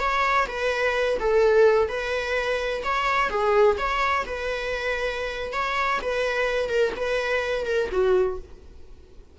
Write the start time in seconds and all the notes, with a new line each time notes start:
0.00 C#5
0.48 B4
1.20 A4
1.89 B4
2.84 C#5
3.30 G#4
3.78 C#5
4.26 B4
5.53 C#5
6.02 B4
6.70 A#4
6.97 B4
7.66 A#4
7.92 F#4